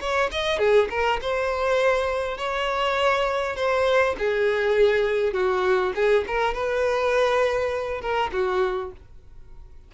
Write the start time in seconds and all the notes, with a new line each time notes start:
0.00 C#5
0.31 D#5
0.58 G#4
0.90 A#4
1.22 C5
2.37 C#5
3.56 C5
4.18 G#4
5.33 F#4
5.95 G#4
6.27 A#4
6.54 B4
8.01 A#4
8.32 F#4